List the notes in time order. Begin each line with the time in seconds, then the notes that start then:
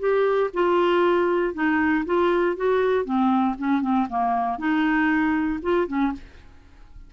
0.00 G4
0.54 F4
1.54 D#4
2.06 F4
2.57 F#4
3.05 C4
3.58 C#4
3.82 C4
4.10 A#3
4.59 D#4
5.63 F4
5.88 C#4